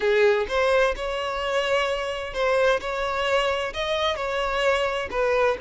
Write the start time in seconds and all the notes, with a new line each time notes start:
0.00 G#4
0.48 C5
0.96 C#5
2.33 C5
2.80 C#5
3.73 D#5
4.15 C#5
5.10 B4